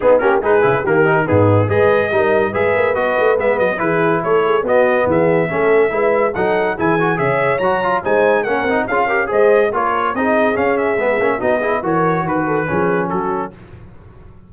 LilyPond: <<
  \new Staff \with { instrumentName = "trumpet" } { \time 4/4 \tempo 4 = 142 gis'8 ais'8 b'4 ais'4 gis'4 | dis''2 e''4 dis''4 | e''8 dis''8 b'4 cis''4 dis''4 | e''2. fis''4 |
gis''4 e''4 ais''4 gis''4 | fis''4 f''4 dis''4 cis''4 | dis''4 f''8 e''4. dis''4 | cis''4 b'2 a'4 | }
  \new Staff \with { instrumentName = "horn" } { \time 4/4 dis'8 g'8 gis'4 g'4 dis'4 | b'4 ais'4 b'2~ | b'4 gis'4 a'8 gis'8 fis'4 | gis'4 a'4 b'4 a'4 |
gis'4 cis''2 c''4 | ais'4 gis'8 ais'8 c''4 ais'4 | gis'2. fis'8 gis'8 | ais'4 b'8 a'8 gis'4 fis'4 | }
  \new Staff \with { instrumentName = "trombone" } { \time 4/4 b8 cis'8 dis'8 e'8 ais8 dis'8 b4 | gis'4 dis'4 gis'4 fis'4 | b4 e'2 b4~ | b4 cis'4 e'4 dis'4 |
e'8 fis'8 gis'4 fis'8 f'8 dis'4 | cis'8 dis'8 f'8 g'8 gis'4 f'4 | dis'4 cis'4 b8 cis'8 dis'8 e'8 | fis'2 cis'2 | }
  \new Staff \with { instrumentName = "tuba" } { \time 4/4 b8 ais8 gis8 cis8 dis4 gis,4 | gis4 g4 gis8 ais8 b8 a8 | gis8 fis8 e4 a4 b4 | e4 a4 gis4 fis4 |
e4 cis4 fis4 gis4 | ais8 c'8 cis'4 gis4 ais4 | c'4 cis'4 gis8 ais8 b4 | e4 dis4 f4 fis4 | }
>>